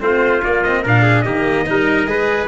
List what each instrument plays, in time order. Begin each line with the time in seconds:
0.00 tuba A3, cello C4, trumpet F4 C5
0.44 cello A#3, tuba A#3, trumpet D5
0.63 cello C4, trumpet D#5
0.82 tuba A#2, cello D4, trumpet A#4 F5
1.03 trumpet G#4
1.22 tuba D#3, cello A#3, trumpet G4 D#5
1.66 tuba G3, cello D#4, trumpet A#4
2.06 tuba G#3, cello G#4, trumpet B4